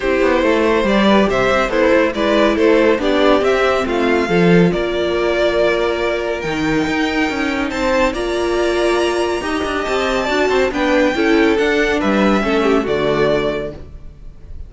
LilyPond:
<<
  \new Staff \with { instrumentName = "violin" } { \time 4/4 \tempo 4 = 140 c''2 d''4 e''4 | c''4 d''4 c''4 d''4 | e''4 f''2 d''4~ | d''2. g''4~ |
g''2 a''4 ais''4~ | ais''2. a''4~ | a''4 g''2 fis''4 | e''2 d''2 | }
  \new Staff \with { instrumentName = "violin" } { \time 4/4 g'4 a'8 c''4 b'8 c''4 | e'4 b'4 a'4 g'4~ | g'4 f'4 a'4 ais'4~ | ais'1~ |
ais'2 c''4 d''4~ | d''2 dis''2 | d''8 c''8 b'4 a'2 | b'4 a'8 g'8 fis'2 | }
  \new Staff \with { instrumentName = "viola" } { \time 4/4 e'2 g'2 | a'4 e'2 d'4 | c'2 f'2~ | f'2. dis'4~ |
dis'2. f'4~ | f'2 g'2 | fis'4 d'4 e'4 d'4~ | d'4 cis'4 a2 | }
  \new Staff \with { instrumentName = "cello" } { \time 4/4 c'8 b8 a4 g4 c8 c'8 | b8 a8 gis4 a4 b4 | c'4 a4 f4 ais4~ | ais2. dis4 |
dis'4 cis'4 c'4 ais4~ | ais2 dis'8 d'8 c'4 | d'8 c'8 b4 cis'4 d'4 | g4 a4 d2 | }
>>